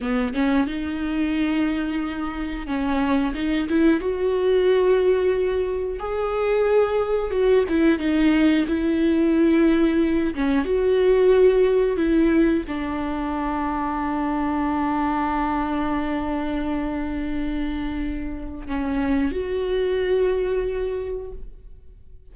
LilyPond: \new Staff \with { instrumentName = "viola" } { \time 4/4 \tempo 4 = 90 b8 cis'8 dis'2. | cis'4 dis'8 e'8 fis'2~ | fis'4 gis'2 fis'8 e'8 | dis'4 e'2~ e'8 cis'8 |
fis'2 e'4 d'4~ | d'1~ | d'1 | cis'4 fis'2. | }